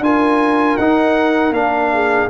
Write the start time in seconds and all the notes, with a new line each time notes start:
0.00 D4 F4 A#4 G#5
0.78 D#4 F#5
1.51 A#3 D4 F5
1.94 G#4